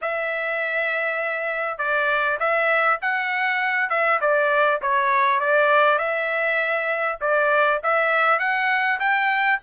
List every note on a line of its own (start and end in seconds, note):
0.01 1.78 E5
1.78 2.38 D5
2.39 2.99 E5
3.01 3.89 F#5
3.89 4.19 E5
4.20 4.80 D5
4.81 5.39 C#5
5.39 5.98 D5
5.98 7.18 E5
7.21 7.81 D5
7.83 8.39 E5
8.39 8.99 F#5
8.99 9.59 G5